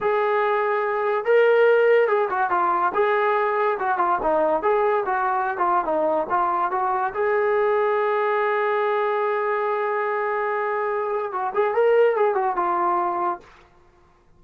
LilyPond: \new Staff \with { instrumentName = "trombone" } { \time 4/4 \tempo 4 = 143 gis'2. ais'4~ | ais'4 gis'8 fis'8 f'4 gis'4~ | gis'4 fis'8 f'8 dis'4 gis'4 | fis'4~ fis'16 f'8. dis'4 f'4 |
fis'4 gis'2.~ | gis'1~ | gis'2. fis'8 gis'8 | ais'4 gis'8 fis'8 f'2 | }